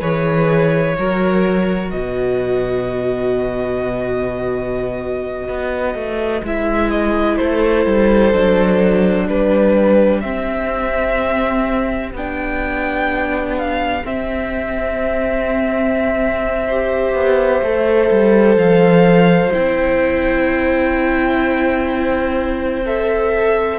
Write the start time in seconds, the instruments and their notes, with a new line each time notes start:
0.00 cello E3, viola G#4, violin B4 C#5
0.97 cello F#3, viola F#4, violin A#4
1.90 cello B2, violin B4 D#5
5.48 cello B3
5.94 cello A3
6.43 cello G#3, viola E4, violin E5
6.90 violin D#5
7.37 cello A3, violin A4 C5
7.86 cello G3
8.33 cello F#3, viola D4
9.28 cello G3, violin G4 B4
10.20 viola C4, cello C4, violin E5
12.13 cello B3, viola D4, violin G5
13.58 violin F5
14.03 viola C4, cello C4, violin E5
16.66 viola G4, violin C5
17.14 cello B3
17.62 cello A3, viola A4
18.11 cello G3
18.56 cello F3, violin F5
19.51 cello C4, viola E4, violin G5
22.85 viola A4, violin E5